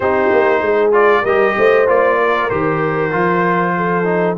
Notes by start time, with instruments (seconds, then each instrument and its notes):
0.00 tuba C4, trombone D#4, horn G4, trumpet C5
0.32 tuba A#3
0.61 tuba G#3, horn G#4
0.92 trombone F4, trumpet D5
1.22 tuba G3, trombone G4, horn A#4, trumpet D#5
1.57 tuba A3, horn C5
1.87 tuba A#3, trombone F4, trumpet D5
2.17 horn A#4
2.49 tuba D#3, trombone G4, trumpet C5
3.11 tuba F3, trombone F4
3.76 horn A4
4.04 trombone D#4